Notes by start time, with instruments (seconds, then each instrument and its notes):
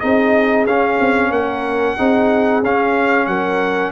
0.00 tuba C4, trombone D#4, horn G#4, trumpet D#5
0.66 tuba C#4, trombone C#4, trumpet F5
1.00 tuba C4
1.30 tuba A#3, horn A#4, trumpet F#5
1.97 tuba C4, trombone D#4, horn G#4
2.63 tuba C#4, trombone C#4, trumpet F5
3.27 tuba F#3, horn A#4, trumpet F#5